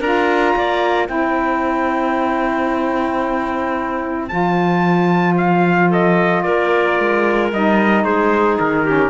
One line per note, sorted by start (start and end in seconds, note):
0.00 0.54 D4
0.00 1.07 F4
0.00 0.54 A#4
0.00 1.08 A#5
0.55 1.09 A#3
0.55 1.08 D5
1.07 4.30 C4
1.07 4.28 E4
1.07 5.89 C5
1.07 4.28 G5
4.28 6.46 F3
4.28 7.51 F4
4.28 5.35 A5
5.37 5.91 F5
5.89 6.42 A4
5.89 6.42 D#5
6.42 6.99 A#3
6.42 8.04 A#4
6.42 7.49 D5
6.99 7.53 G#3
7.53 8.04 G3
7.53 8.86 D#4
7.53 8.04 D#5
8.04 8.58 G#3
8.04 8.84 G#4
8.04 8.58 C5
8.60 9.09 D#3
8.60 9.09 A#4
8.84 9.09 C#4
8.84 9.09 G4